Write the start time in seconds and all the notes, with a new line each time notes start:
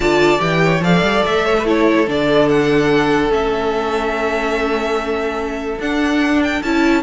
0.00 D3 F4 D5 A5
0.38 E3 G4 G5
0.64 C#5
0.80 F3 A4 D5 F5
1.01 G3
1.25 A3 E5
1.45 C#5
1.59 B4
1.65 E4 A4 C#5
2.06 D3 D4 D5
2.49 F#5
3.29 A3 C#4 E5
5.79 D4 F#5
6.43 G5
6.62 C#4 E4 A5